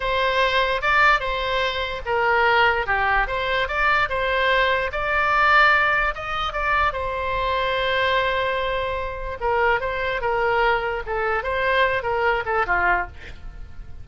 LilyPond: \new Staff \with { instrumentName = "oboe" } { \time 4/4 \tempo 4 = 147 c''2 d''4 c''4~ | c''4 ais'2 g'4 | c''4 d''4 c''2 | d''2. dis''4 |
d''4 c''2.~ | c''2. ais'4 | c''4 ais'2 a'4 | c''4. ais'4 a'8 f'4 | }